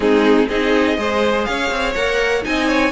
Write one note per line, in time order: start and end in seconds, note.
0.00 0.47 G#3
0.00 0.48 C4
0.00 0.48 D#4
0.00 0.48 G#4
0.48 0.97 C4
0.48 0.97 D#4
0.48 0.97 G#4
0.48 1.44 D#5
0.97 1.46 G#3
0.97 1.95 G#4
0.97 1.48 C5
1.44 1.70 C#4
1.44 2.46 C#5
1.44 1.93 F5
1.70 1.95 C4
1.94 2.45 A#3
1.94 2.42 A#4
1.94 2.43 F#5
2.42 2.91 C4
2.42 2.91 D#4
2.42 2.68 D#5
2.42 2.91 G#5
2.68 2.91 C#5